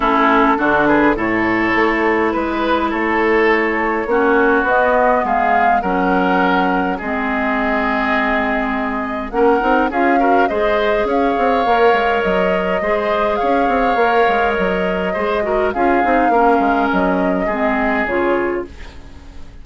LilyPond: <<
  \new Staff \with { instrumentName = "flute" } { \time 4/4 \tempo 4 = 103 a'4. b'8 cis''2 | b'4 cis''2. | dis''4 f''4 fis''2 | dis''1 |
fis''4 f''4 dis''4 f''4~ | f''4 dis''2 f''4~ | f''4 dis''2 f''4~ | f''4 dis''2 cis''4 | }
  \new Staff \with { instrumentName = "oboe" } { \time 4/4 e'4 fis'8 gis'8 a'2 | b'4 a'2 fis'4~ | fis'4 gis'4 ais'2 | gis'1 |
ais'4 gis'8 ais'8 c''4 cis''4~ | cis''2 c''4 cis''4~ | cis''2 c''8 ais'8 gis'4 | ais'2 gis'2 | }
  \new Staff \with { instrumentName = "clarinet" } { \time 4/4 cis'4 d'4 e'2~ | e'2. cis'4 | b2 cis'2 | c'1 |
cis'8 dis'8 f'8 fis'8 gis'2 | ais'2 gis'2 | ais'2 gis'8 fis'8 f'8 dis'8 | cis'2 c'4 f'4 | }
  \new Staff \with { instrumentName = "bassoon" } { \time 4/4 a4 d4 a,4 a4 | gis4 a2 ais4 | b4 gis4 fis2 | gis1 |
ais8 c'8 cis'4 gis4 cis'8 c'8 | ais8 gis8 fis4 gis4 cis'8 c'8 | ais8 gis8 fis4 gis4 cis'8 c'8 | ais8 gis8 fis4 gis4 cis4 | }
>>